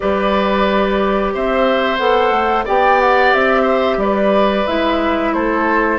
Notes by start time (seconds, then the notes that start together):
0.00 G3 G4 B4 D5
1.34 C4 C5 E5
1.97 B3 A4 F#5
2.31 A3
2.65 B3 G4 D5 G5
3.00 F#5
3.33 C4 E5
3.62 C5
3.97 G3 B4 D5
4.66 G#3 E4 E5
5.33 A3 A4 C5